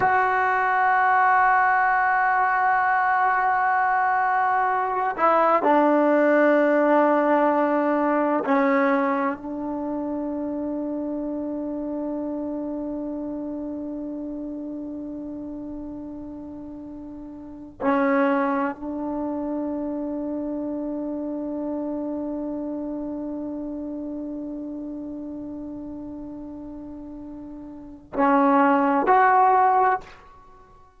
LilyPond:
\new Staff \with { instrumentName = "trombone" } { \time 4/4 \tempo 4 = 64 fis'1~ | fis'4. e'8 d'2~ | d'4 cis'4 d'2~ | d'1~ |
d'2. cis'4 | d'1~ | d'1~ | d'2 cis'4 fis'4 | }